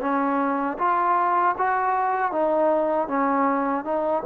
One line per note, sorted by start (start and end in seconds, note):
0.00 0.77 C#4
0.78 1.55 F4
1.57 2.31 F#4
2.31 3.07 D#4
3.07 3.84 C#4
3.84 4.23 D#4